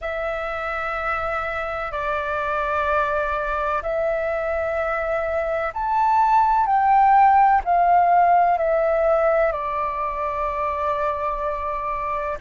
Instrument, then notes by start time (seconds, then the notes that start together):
flute
0.01 E5
1.91 D5
3.82 E5
5.73 A5
6.66 G5
7.64 F5
8.58 E5
9.52 D5